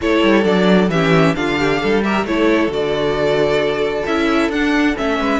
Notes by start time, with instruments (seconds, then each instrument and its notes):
0.01 cello A3, viola E4, violin A4 C#5
0.23 cello G3
0.43 cello F#3, viola D4, violin D5
0.89 cello E3, viola C#4, violin G4 E5
1.34 cello D3, viola D4, violin F4 F5
1.59 violin G4
1.81 cello G3, violin A4
2.03 viola G4, violin A#4 E5
2.24 cello A3, viola E4, violin A4 C#5
2.67 cello D3, viola F#4, violin D5
4.05 cello C#4, viola E4, violin E5
4.49 cello D4, viola D4, violin F#5
4.95 cello A3, viola C#4, violin E5
5.19 cello G#3, violin B4